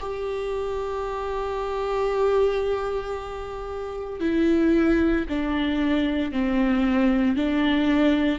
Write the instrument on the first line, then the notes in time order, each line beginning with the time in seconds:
viola
0.00 G4
4.21 E4
5.29 D4
6.32 C4
7.36 D4